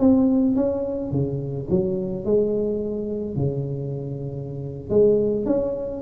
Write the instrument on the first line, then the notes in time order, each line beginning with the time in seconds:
tuba
0.00 C4
0.56 C#4
1.11 C#3
1.70 F#3
2.25 G#3
3.36 C#3
4.90 G#3
5.46 C#4